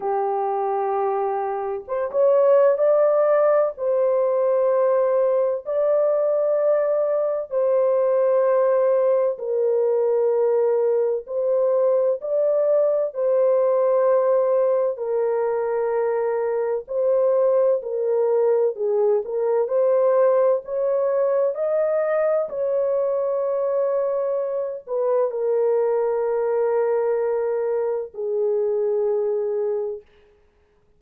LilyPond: \new Staff \with { instrumentName = "horn" } { \time 4/4 \tempo 4 = 64 g'2 c''16 cis''8. d''4 | c''2 d''2 | c''2 ais'2 | c''4 d''4 c''2 |
ais'2 c''4 ais'4 | gis'8 ais'8 c''4 cis''4 dis''4 | cis''2~ cis''8 b'8 ais'4~ | ais'2 gis'2 | }